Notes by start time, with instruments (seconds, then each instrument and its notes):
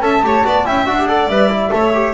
0.00 double bass C#4, trombone A4, violin E5, flute A5
0.22 double bass A3, trombone G4, violin C#5
0.44 double bass B3, trombone F#4, violin D5
0.65 double bass C#4, trombone E4, violin E5, flute G5
0.86 double bass D4, trombone F#4, flute F#5
0.98 trombone G4
1.07 trombone A4, violin D5
1.27 double bass G3, trombone B4, flute E5
1.49 trombone E4
1.71 double bass A3, trombone A4, violin C#5
1.94 trombone G4